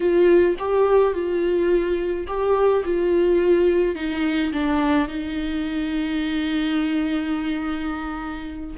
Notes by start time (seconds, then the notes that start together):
0.00 F4
0.58 G4
1.13 F4
2.27 G4
2.84 F4
3.95 D#4
4.52 D4
5.08 D#4